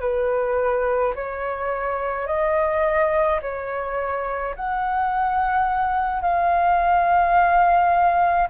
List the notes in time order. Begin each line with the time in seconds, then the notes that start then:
0.00 B4
1.15 C#5
2.27 D#5
3.42 C#5
4.55 F#5
6.22 F5